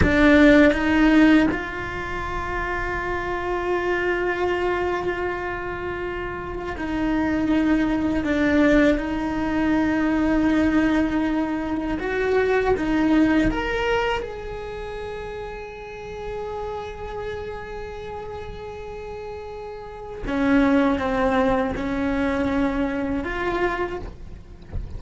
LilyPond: \new Staff \with { instrumentName = "cello" } { \time 4/4 \tempo 4 = 80 d'4 dis'4 f'2~ | f'1~ | f'4 dis'2 d'4 | dis'1 |
fis'4 dis'4 ais'4 gis'4~ | gis'1~ | gis'2. cis'4 | c'4 cis'2 f'4 | }